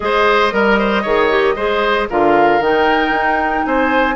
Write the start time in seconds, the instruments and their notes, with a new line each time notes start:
0.00 bassoon G#3, clarinet G#4, oboe C5, flute D#5
0.51 bassoon G3, clarinet A#4, oboe A#4
0.79 oboe C5
1.02 bassoon D#3, clarinet G#4, oboe C#5
1.30 clarinet G4
1.55 bassoon G#3, clarinet G#4, oboe C5
2.09 bassoon D3, clarinet F4, oboe A#4, flute F5
2.59 bassoon D#3, clarinet D#4, flute G5
3.11 bassoon D#4
3.65 bassoon C4, oboe C5, flute G#5